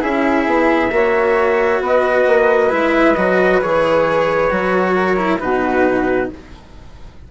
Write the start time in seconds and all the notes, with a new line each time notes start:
0.00 C#4 E4 G#4 E5
0.46 B3
0.91 A#3 F#4 C#5
1.81 B3 B4
1.87 D#5
2.27 A#3
2.70 G#3 E4 E5
3.15 F#3 F#4 D#5
3.62 E3 G#4 C#5
4.50 F#3 F#4
4.94 A#4
5.17 E4
5.39 B2 D#4 F#4 B4